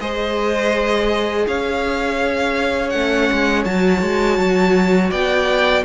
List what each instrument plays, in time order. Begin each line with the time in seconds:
0.00 cello G#3, viola G#4, violin C5 D#5
1.47 cello C#4, violin C#5 F5
2.90 cello A3, viola C#4, violin F#5
3.32 cello G#3
3.65 cello F#3, viola F#4, violin A5
4.02 cello G#3
4.38 cello F#3
5.10 cello B3, violin D5 G5